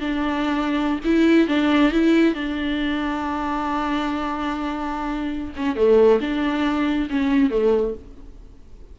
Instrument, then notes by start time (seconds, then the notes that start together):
viola
0.00 D4
1.04 E4
1.48 D4
1.92 E4
2.34 D4
5.56 C#4
5.76 A3
6.20 D4
7.09 C#4
7.50 A3